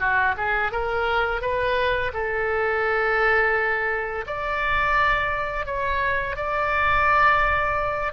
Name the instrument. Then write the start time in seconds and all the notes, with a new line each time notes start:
oboe
0.00 F#4
0.37 G#4
0.72 A#4
1.42 B4
2.14 A4
4.27 D5
5.66 C#5
6.37 D5